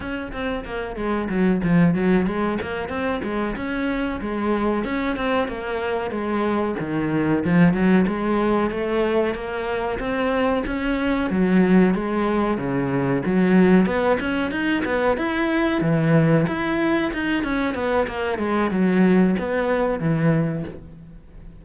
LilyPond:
\new Staff \with { instrumentName = "cello" } { \time 4/4 \tempo 4 = 93 cis'8 c'8 ais8 gis8 fis8 f8 fis8 gis8 | ais8 c'8 gis8 cis'4 gis4 cis'8 | c'8 ais4 gis4 dis4 f8 | fis8 gis4 a4 ais4 c'8~ |
c'8 cis'4 fis4 gis4 cis8~ | cis8 fis4 b8 cis'8 dis'8 b8 e'8~ | e'8 e4 e'4 dis'8 cis'8 b8 | ais8 gis8 fis4 b4 e4 | }